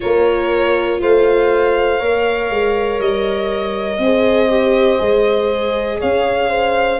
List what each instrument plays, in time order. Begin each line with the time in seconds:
0.00 tuba A#3, viola F4, horn A#4, violin C#5
1.00 tuba A3, horn C5, violin F5
1.99 tuba A#3, viola A#4, horn C#5
2.50 tuba G#3
2.99 tuba G3, violin D#5
3.98 tuba C4, viola G#4, horn C5
4.48 viola G4
4.98 tuba G#3, viola G#4
5.99 tuba C#4, horn C#5, violin F5
6.49 horn C5